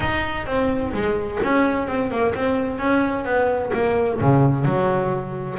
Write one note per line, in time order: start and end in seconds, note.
0.00 0.46 D#4
0.46 0.92 C4
0.93 1.39 G#3
1.43 1.87 C#4
1.87 2.10 C4
2.10 2.34 A#3
2.34 2.78 C4
2.78 3.24 C#4
3.24 3.71 B3
3.73 4.20 A#3
4.20 4.65 C#3
4.65 5.58 F#3